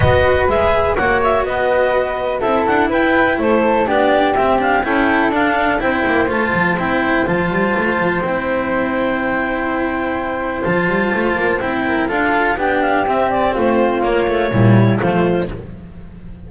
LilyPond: <<
  \new Staff \with { instrumentName = "clarinet" } { \time 4/4 \tempo 4 = 124 dis''4 e''4 fis''8 e''8 dis''4~ | dis''4 e''8 fis''8 g''4 c''4 | d''4 e''8 f''8 g''4 f''4 | g''4 a''4 g''4 a''4~ |
a''4 g''2.~ | g''2 a''2 | g''4 f''4 g''8 f''8 e''8 d''8 | c''4 cis''2 c''4 | }
  \new Staff \with { instrumentName = "flute" } { \time 4/4 b'2 cis''4 b'4~ | b'4 a'4 b'4 a'4 | g'2 a'2 | c''1~ |
c''1~ | c''1~ | c''8 ais'8 a'4 g'2 | f'2 e'4 f'4 | }
  \new Staff \with { instrumentName = "cello" } { \time 4/4 fis'4 gis'4 fis'2~ | fis'4 e'2. | d'4 c'8 d'8 e'4 d'4 | e'4 f'4 e'4 f'4~ |
f'4 e'2.~ | e'2 f'2 | e'4 f'4 d'4 c'4~ | c'4 ais8 a8 g4 a4 | }
  \new Staff \with { instrumentName = "double bass" } { \time 4/4 b4 gis4 ais4 b4~ | b4 c'8 d'8 e'4 a4 | b4 c'4 cis'4 d'4 | c'8 ais8 a8 f8 c'4 f8 g8 |
a8 f8 c'2.~ | c'2 f8 g8 a8 ais8 | c'4 d'4 b4 c'4 | a4 ais4 ais,4 f4 | }
>>